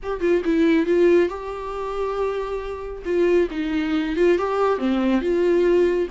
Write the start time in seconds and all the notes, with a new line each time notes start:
0.02 G4
0.20 F4
0.45 E4
0.86 F4
1.28 G4
3.05 F4
3.50 D#4
4.16 F4
4.38 G4
4.78 C4
5.21 F4